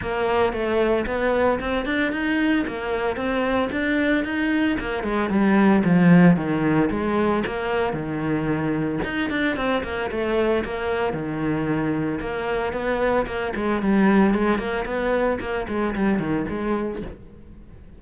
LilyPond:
\new Staff \with { instrumentName = "cello" } { \time 4/4 \tempo 4 = 113 ais4 a4 b4 c'8 d'8 | dis'4 ais4 c'4 d'4 | dis'4 ais8 gis8 g4 f4 | dis4 gis4 ais4 dis4~ |
dis4 dis'8 d'8 c'8 ais8 a4 | ais4 dis2 ais4 | b4 ais8 gis8 g4 gis8 ais8 | b4 ais8 gis8 g8 dis8 gis4 | }